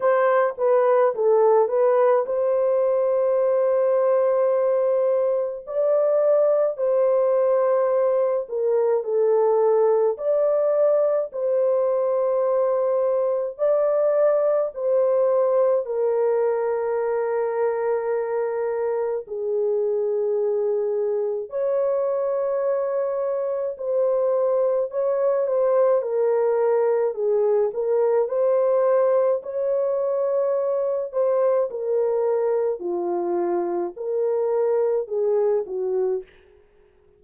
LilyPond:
\new Staff \with { instrumentName = "horn" } { \time 4/4 \tempo 4 = 53 c''8 b'8 a'8 b'8 c''2~ | c''4 d''4 c''4. ais'8 | a'4 d''4 c''2 | d''4 c''4 ais'2~ |
ais'4 gis'2 cis''4~ | cis''4 c''4 cis''8 c''8 ais'4 | gis'8 ais'8 c''4 cis''4. c''8 | ais'4 f'4 ais'4 gis'8 fis'8 | }